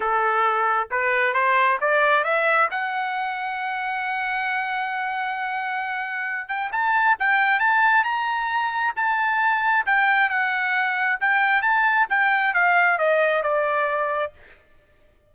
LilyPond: \new Staff \with { instrumentName = "trumpet" } { \time 4/4 \tempo 4 = 134 a'2 b'4 c''4 | d''4 e''4 fis''2~ | fis''1~ | fis''2~ fis''8 g''8 a''4 |
g''4 a''4 ais''2 | a''2 g''4 fis''4~ | fis''4 g''4 a''4 g''4 | f''4 dis''4 d''2 | }